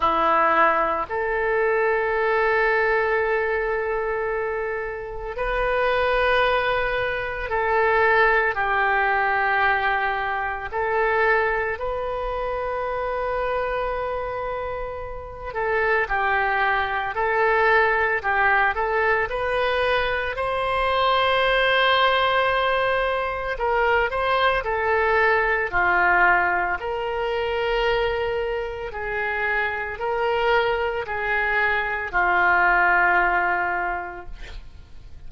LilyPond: \new Staff \with { instrumentName = "oboe" } { \time 4/4 \tempo 4 = 56 e'4 a'2.~ | a'4 b'2 a'4 | g'2 a'4 b'4~ | b'2~ b'8 a'8 g'4 |
a'4 g'8 a'8 b'4 c''4~ | c''2 ais'8 c''8 a'4 | f'4 ais'2 gis'4 | ais'4 gis'4 f'2 | }